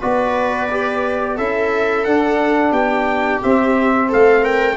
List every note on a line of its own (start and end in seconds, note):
0.00 1.38 B3
0.00 0.69 F#4
0.00 1.35 B4
0.00 1.37 D5
0.71 1.38 G4
1.35 2.06 C#4
1.35 2.07 E4
1.35 2.72 A4
1.35 2.04 E5
2.04 2.72 D4
2.04 3.42 D4
2.04 2.72 F#5
2.72 3.40 B3
2.72 4.08 G4
2.72 3.41 G5
3.42 4.77 C4
3.42 4.12 C4
3.42 4.11 E5
4.08 4.77 A3
4.08 4.42 A4
4.08 4.44 F5
4.42 4.77 A#4
4.42 4.77 G5